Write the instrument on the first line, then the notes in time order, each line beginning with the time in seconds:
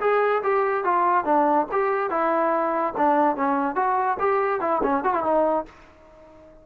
trombone
0.00 G#4
0.43 G4
0.84 F4
1.25 D4
1.71 G4
2.10 E4
2.97 D4
3.36 C#4
3.75 F#4
4.19 G4
4.60 E4
4.83 C#4
5.03 F#4
5.13 E4
5.23 D#4